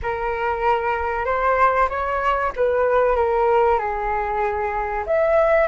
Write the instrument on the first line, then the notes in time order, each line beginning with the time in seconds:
flute
0.02 A#4
1.25 C5
1.89 C#5
2.56 B4
3.16 A#4
3.78 G#4
5.06 E5